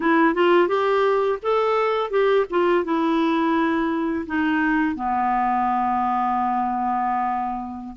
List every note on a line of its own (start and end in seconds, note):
0.00 0.34 E4
0.34 0.68 F4
0.68 1.38 G4
1.42 2.10 A4
2.10 2.45 G4
2.50 2.84 F4
2.84 4.25 E4
4.26 4.95 D#4
4.95 7.95 B3